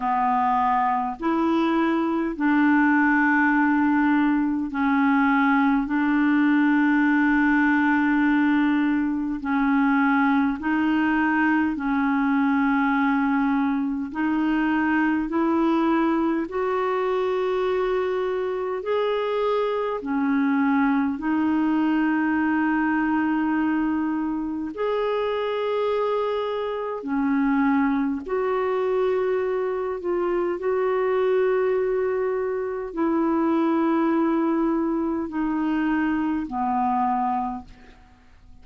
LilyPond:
\new Staff \with { instrumentName = "clarinet" } { \time 4/4 \tempo 4 = 51 b4 e'4 d'2 | cis'4 d'2. | cis'4 dis'4 cis'2 | dis'4 e'4 fis'2 |
gis'4 cis'4 dis'2~ | dis'4 gis'2 cis'4 | fis'4. f'8 fis'2 | e'2 dis'4 b4 | }